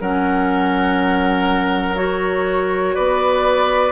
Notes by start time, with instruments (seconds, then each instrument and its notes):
0.00 bassoon F#3, clarinet C#4, oboe A#4, flute F#5
1.95 clarinet F#4, flute C#5
2.94 bassoon B3, oboe B4, flute D5